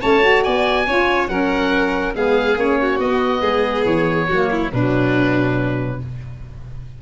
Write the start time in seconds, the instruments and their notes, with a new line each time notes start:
0.00 tuba A3, saxophone C#4, violin C#5, oboe A5
0.20 saxophone F#4
0.43 tuba B3, violin D5, oboe G#5
0.86 tuba C#4, saxophone F4, violin C#5
1.28 tuba F#3, saxophone C#4, violin A#4, oboe F#5
2.13 tuba G#3, saxophone B3, violin G#4, oboe F5
2.56 tuba A#3, saxophone C#4, oboe C#5
2.81 violin F#4
2.99 tuba B3, saxophone B3, oboe D#5
3.41 tuba G#3, violin G#4
3.85 tuba E3, oboe C#5
4.27 tuba F#3, saxophone A#3, violin F#4
4.51 violin E4
4.71 tuba B2, saxophone F#3, violin D4, oboe B4